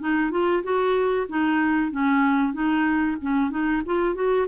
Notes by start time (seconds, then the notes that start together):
0.00 D#4
0.31 F4
0.63 F#4
1.29 D#4
1.91 C#4
2.53 D#4
3.21 C#4
3.50 D#4
3.86 F4
4.15 F#4